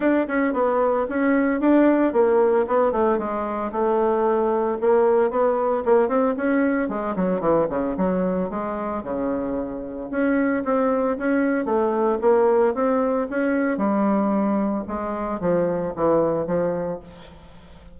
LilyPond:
\new Staff \with { instrumentName = "bassoon" } { \time 4/4 \tempo 4 = 113 d'8 cis'8 b4 cis'4 d'4 | ais4 b8 a8 gis4 a4~ | a4 ais4 b4 ais8 c'8 | cis'4 gis8 fis8 e8 cis8 fis4 |
gis4 cis2 cis'4 | c'4 cis'4 a4 ais4 | c'4 cis'4 g2 | gis4 f4 e4 f4 | }